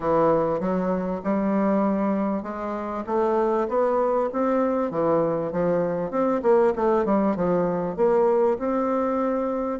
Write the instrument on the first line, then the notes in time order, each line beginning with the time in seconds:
bassoon
0.00 E3
0.60 F#3
1.23 G3
2.42 G#3
3.06 A3
3.68 B3
4.32 C4
4.90 E3
5.52 F3
6.10 C4
6.42 A#3
6.75 A3
7.05 G3
7.36 F3
7.96 A#3
8.58 C4